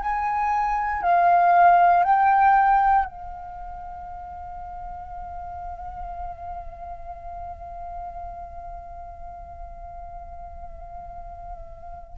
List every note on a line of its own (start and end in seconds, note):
0.00 1.02 G#5
1.02 2.03 F5
2.03 3.05 G5
3.05 12.17 F5